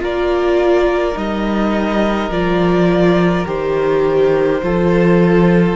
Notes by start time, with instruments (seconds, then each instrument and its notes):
0.00 cello A#3, viola F4, violin A#4 D5
1.14 cello G3, viola D#4, violin D#5
2.30 cello F3, viola F4, violin D5
3.46 cello D#3, viola G4, violin C5
4.63 cello F3, viola F4, violin A4